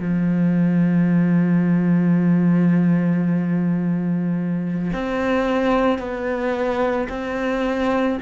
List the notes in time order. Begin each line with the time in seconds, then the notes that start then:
0.00 F3
4.93 C4
5.99 B3
7.09 C4